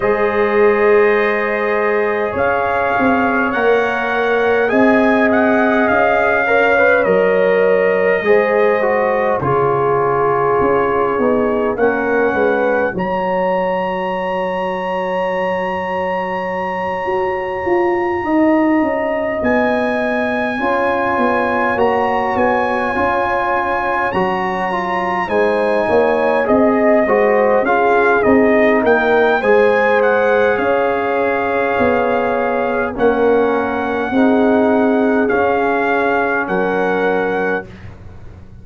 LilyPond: <<
  \new Staff \with { instrumentName = "trumpet" } { \time 4/4 \tempo 4 = 51 dis''2 f''4 fis''4 | gis''8 fis''8 f''4 dis''2 | cis''2 fis''4 ais''4~ | ais''1~ |
ais''8 gis''2 ais''8 gis''4~ | gis''8 ais''4 gis''4 dis''4 f''8 | dis''8 g''8 gis''8 fis''8 f''2 | fis''2 f''4 fis''4 | }
  \new Staff \with { instrumentName = "horn" } { \time 4/4 c''2 cis''2 | dis''4. cis''4. c''4 | gis'2 ais'8 b'8 cis''4~ | cis''2.~ cis''8 dis''8~ |
dis''4. cis''2~ cis''8~ | cis''4. c''8 cis''8 dis''8 c''8 gis'8~ | gis'8 ais'8 c''4 cis''2 | ais'4 gis'2 ais'4 | }
  \new Staff \with { instrumentName = "trombone" } { \time 4/4 gis'2. ais'4 | gis'4. ais'16 b'16 ais'4 gis'8 fis'8 | f'4. dis'8 cis'4 fis'4~ | fis'1~ |
fis'4. f'4 fis'4 f'8~ | f'8 fis'8 f'8 dis'4 gis'8 fis'8 f'8 | dis'4 gis'2. | cis'4 dis'4 cis'2 | }
  \new Staff \with { instrumentName = "tuba" } { \time 4/4 gis2 cis'8 c'8 ais4 | c'4 cis'4 fis4 gis4 | cis4 cis'8 b8 ais8 gis8 fis4~ | fis2~ fis8 fis'8 f'8 dis'8 |
cis'8 b4 cis'8 b8 ais8 b8 cis'8~ | cis'8 fis4 gis8 ais8 c'8 gis8 cis'8 | c'8 ais8 gis4 cis'4 b4 | ais4 c'4 cis'4 fis4 | }
>>